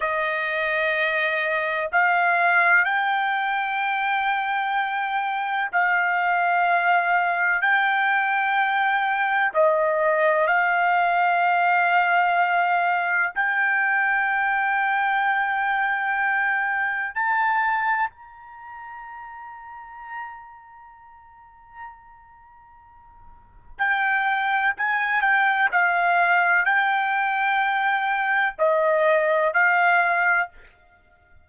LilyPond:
\new Staff \with { instrumentName = "trumpet" } { \time 4/4 \tempo 4 = 63 dis''2 f''4 g''4~ | g''2 f''2 | g''2 dis''4 f''4~ | f''2 g''2~ |
g''2 a''4 ais''4~ | ais''1~ | ais''4 g''4 gis''8 g''8 f''4 | g''2 dis''4 f''4 | }